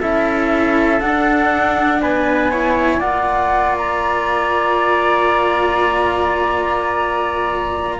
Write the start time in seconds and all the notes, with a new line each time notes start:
0.00 C#4 E4 A4 E5
1.00 D4 F#5
2.01 B3 B4 G#5
2.51 E4 C#5
2.99 A#3 F4 D5 F#5
3.77 A#5